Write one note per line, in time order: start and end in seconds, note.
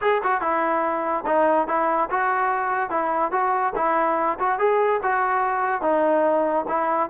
0.01 0.22 G#4
0.23 0.41 F#4
0.41 1.24 E4
1.25 1.67 D#4
1.67 2.09 E4
2.10 2.90 F#4
2.90 3.31 E4
3.31 3.73 F#4
3.75 4.38 E4
4.39 4.59 F#4
4.59 5.00 G#4
5.02 5.81 F#4
5.81 6.65 D#4
6.68 7.09 E4